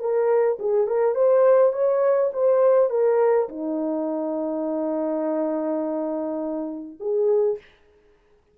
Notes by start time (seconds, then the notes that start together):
0.00 A#4
0.59 G#4
0.87 A#4
1.15 C5
1.73 C#5
2.34 C5
2.90 A#4
3.49 D#4
7.00 G#4